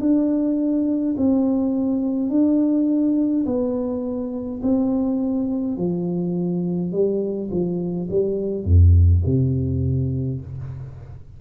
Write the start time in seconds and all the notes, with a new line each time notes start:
0.00 D4
1.17 C4
2.29 D4
3.45 B3
4.62 C4
5.77 F3
6.92 G3
7.51 F3
8.10 G3
8.64 F2
9.25 C3